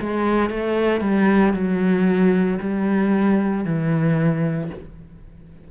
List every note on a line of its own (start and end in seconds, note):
0.00 0.50 G#3
0.50 1.01 A3
1.01 1.54 G3
1.54 2.59 F#3
2.60 3.65 G3
3.65 4.70 E3